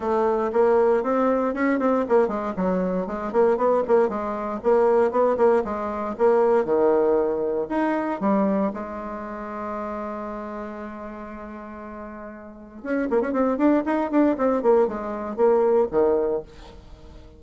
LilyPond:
\new Staff \with { instrumentName = "bassoon" } { \time 4/4 \tempo 4 = 117 a4 ais4 c'4 cis'8 c'8 | ais8 gis8 fis4 gis8 ais8 b8 ais8 | gis4 ais4 b8 ais8 gis4 | ais4 dis2 dis'4 |
g4 gis2.~ | gis1~ | gis4 cis'8 ais16 cis'16 c'8 d'8 dis'8 d'8 | c'8 ais8 gis4 ais4 dis4 | }